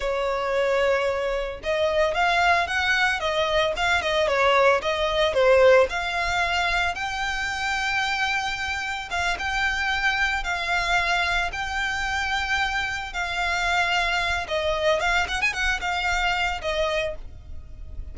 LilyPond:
\new Staff \with { instrumentName = "violin" } { \time 4/4 \tempo 4 = 112 cis''2. dis''4 | f''4 fis''4 dis''4 f''8 dis''8 | cis''4 dis''4 c''4 f''4~ | f''4 g''2.~ |
g''4 f''8 g''2 f''8~ | f''4. g''2~ g''8~ | g''8 f''2~ f''8 dis''4 | f''8 fis''16 gis''16 fis''8 f''4. dis''4 | }